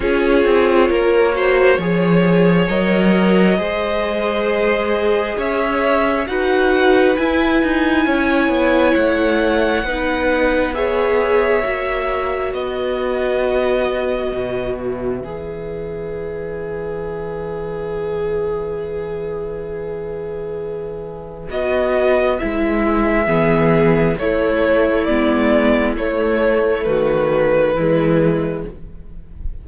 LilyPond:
<<
  \new Staff \with { instrumentName = "violin" } { \time 4/4 \tempo 4 = 67 cis''2. dis''4~ | dis''2 e''4 fis''4 | gis''2 fis''2 | e''2 dis''2~ |
dis''8 e''2.~ e''8~ | e''1 | dis''4 e''2 cis''4 | d''4 cis''4 b'2 | }
  \new Staff \with { instrumentName = "violin" } { \time 4/4 gis'4 ais'8 c''8 cis''2 | c''2 cis''4 b'4~ | b'4 cis''2 b'4 | cis''2 b'2~ |
b'1~ | b'1~ | b'2 gis'4 e'4~ | e'2 fis'4 e'4 | }
  \new Staff \with { instrumentName = "viola" } { \time 4/4 f'4. fis'8 gis'4 ais'4 | gis'2. fis'4 | e'2. dis'4 | gis'4 fis'2.~ |
fis'4 gis'2.~ | gis'1 | fis'4 e'4 b4 a4 | b4 a2 gis4 | }
  \new Staff \with { instrumentName = "cello" } { \time 4/4 cis'8 c'8 ais4 f4 fis4 | gis2 cis'4 dis'4 | e'8 dis'8 cis'8 b8 a4 b4~ | b4 ais4 b2 |
b,4 e2.~ | e1 | b4 gis4 e4 a4 | gis4 a4 dis4 e4 | }
>>